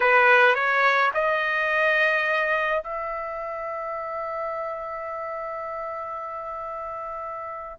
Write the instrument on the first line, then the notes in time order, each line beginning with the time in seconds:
trumpet
0.00 B4
0.54 C#5
1.13 D#5
2.83 E5